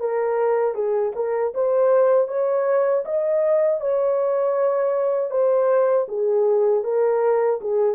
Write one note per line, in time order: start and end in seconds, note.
0.00 0.75 A#4
0.75 1.13 G#4
1.16 1.54 A#4
1.55 2.28 C5
2.28 3.04 C#5
3.06 3.81 D#5
3.81 5.31 C#5
5.31 6.07 C5
6.09 6.84 G#4
6.84 7.60 A#4
7.62 7.96 G#4